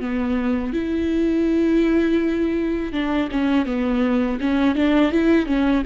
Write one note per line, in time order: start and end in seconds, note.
0.00 0.73 B3
0.73 2.92 E4
2.92 3.29 D4
3.32 3.66 C#4
3.66 4.39 B3
4.41 4.75 C#4
4.75 5.12 D4
5.12 5.46 E4
5.46 5.83 C#4